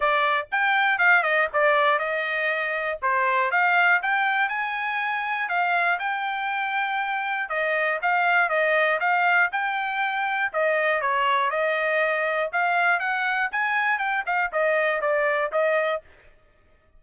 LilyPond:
\new Staff \with { instrumentName = "trumpet" } { \time 4/4 \tempo 4 = 120 d''4 g''4 f''8 dis''8 d''4 | dis''2 c''4 f''4 | g''4 gis''2 f''4 | g''2. dis''4 |
f''4 dis''4 f''4 g''4~ | g''4 dis''4 cis''4 dis''4~ | dis''4 f''4 fis''4 gis''4 | g''8 f''8 dis''4 d''4 dis''4 | }